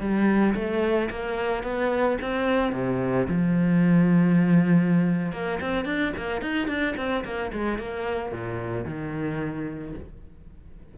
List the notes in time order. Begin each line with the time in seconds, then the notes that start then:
0.00 G3
0.55 A3
1.10 A#3
1.63 B3
2.21 C4
2.73 C3
3.28 F3
5.32 A#3
5.61 C4
5.86 D4
6.17 A#3
6.41 D#4
6.68 D4
6.97 C4
7.25 A#3
7.53 G#3
7.78 A#3
8.32 A#2
8.85 D#3